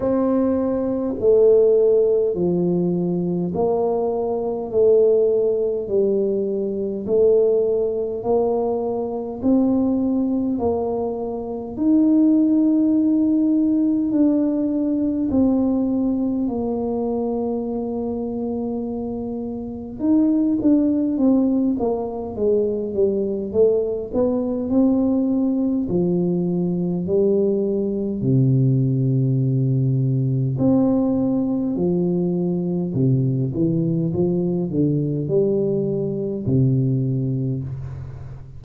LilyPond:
\new Staff \with { instrumentName = "tuba" } { \time 4/4 \tempo 4 = 51 c'4 a4 f4 ais4 | a4 g4 a4 ais4 | c'4 ais4 dis'2 | d'4 c'4 ais2~ |
ais4 dis'8 d'8 c'8 ais8 gis8 g8 | a8 b8 c'4 f4 g4 | c2 c'4 f4 | c8 e8 f8 d8 g4 c4 | }